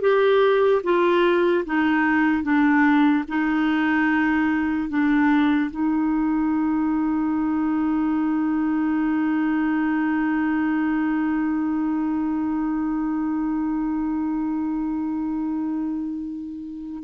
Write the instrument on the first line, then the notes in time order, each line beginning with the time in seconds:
clarinet
0.00 G4
0.83 F4
1.65 D#4
2.43 D4
3.28 D#4
4.89 D4
5.70 D#4